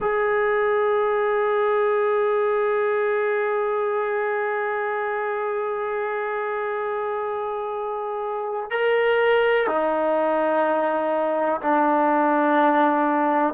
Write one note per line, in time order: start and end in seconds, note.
0.00 8.70 G#4
8.70 9.67 A#4
9.67 11.60 D#4
11.61 13.54 D4